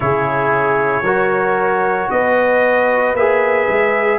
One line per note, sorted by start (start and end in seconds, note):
0.00 1.02 C#3
0.00 1.04 E4
0.00 1.03 G#4
0.00 2.10 C#5
1.02 2.07 F#3
1.02 3.16 F#4
1.02 2.08 A#4
2.10 3.14 B3
2.10 4.18 B4
2.10 3.15 D#5
3.14 3.67 A#3
3.14 4.18 G#4
3.14 4.18 E5
3.69 4.18 G#3